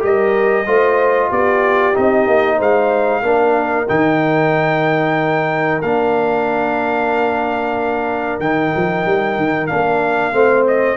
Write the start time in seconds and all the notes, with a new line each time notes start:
0.00 G3 G4 A#4 D#5
0.67 A3 F4 C5
1.29 B3 G4 D5
1.94 C4 D#4 D#5
2.28 A#3
2.57 G#3 C5 F5
3.23 A#3 D4 A#4
3.89 D#3 D#4 G5
5.82 A#3 D4 F5
8.40 D#3 D#4 G5
8.76 F3
9.06 G3
9.37 D#3
9.67 A#3 D4 F5
10.32 A3 C4 C5
10.68 D#5